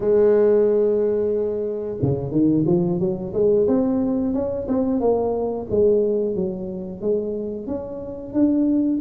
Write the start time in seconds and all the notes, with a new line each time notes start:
0.00 G#3
2.02 C#3
2.31 D#3
2.66 F3
2.99 F#3
3.33 G#3
3.67 C4
4.33 C#4
4.68 C4
5.00 A#3
5.70 G#3
6.35 F#3
7.01 G#3
7.67 C#4
8.33 D4